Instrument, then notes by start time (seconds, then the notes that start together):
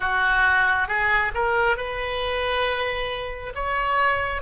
oboe
0.00 F#4
0.87 G#4
1.34 A#4
1.76 B4
3.55 C#5